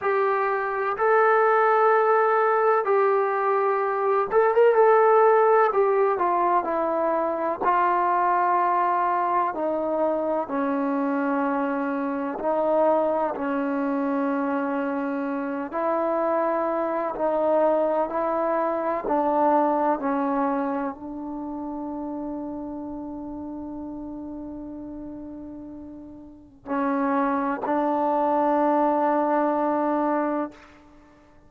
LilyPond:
\new Staff \with { instrumentName = "trombone" } { \time 4/4 \tempo 4 = 63 g'4 a'2 g'4~ | g'8 a'16 ais'16 a'4 g'8 f'8 e'4 | f'2 dis'4 cis'4~ | cis'4 dis'4 cis'2~ |
cis'8 e'4. dis'4 e'4 | d'4 cis'4 d'2~ | d'1 | cis'4 d'2. | }